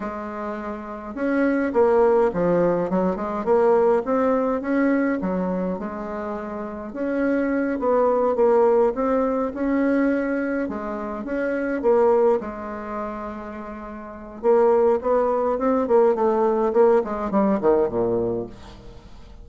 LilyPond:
\new Staff \with { instrumentName = "bassoon" } { \time 4/4 \tempo 4 = 104 gis2 cis'4 ais4 | f4 fis8 gis8 ais4 c'4 | cis'4 fis4 gis2 | cis'4. b4 ais4 c'8~ |
c'8 cis'2 gis4 cis'8~ | cis'8 ais4 gis2~ gis8~ | gis4 ais4 b4 c'8 ais8 | a4 ais8 gis8 g8 dis8 ais,4 | }